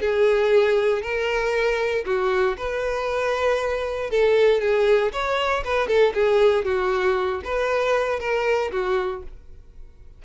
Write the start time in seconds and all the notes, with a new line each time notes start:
0.00 G#4
1.02 A#4
2.05 F#4
2.57 B4
4.10 A4
4.60 G#4
5.12 C#5
5.64 B4
5.87 A4
6.14 G#4
6.64 F#4
7.44 B4
8.19 A#4
8.71 F#4